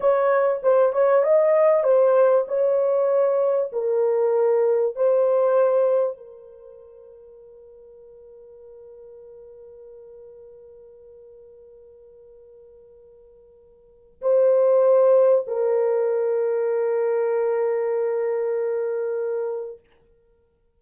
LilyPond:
\new Staff \with { instrumentName = "horn" } { \time 4/4 \tempo 4 = 97 cis''4 c''8 cis''8 dis''4 c''4 | cis''2 ais'2 | c''2 ais'2~ | ais'1~ |
ais'1~ | ais'2. c''4~ | c''4 ais'2.~ | ais'1 | }